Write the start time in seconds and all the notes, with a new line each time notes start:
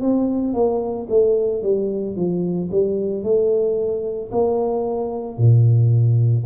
0.00 C4
0.53 A#3
1.09 A3
1.62 G3
2.16 F3
2.71 G3
3.23 A3
4.31 A#3
5.37 A#2